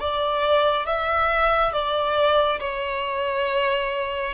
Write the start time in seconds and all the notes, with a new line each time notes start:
0.00 D5
0.86 E5
1.72 D5
2.60 C#5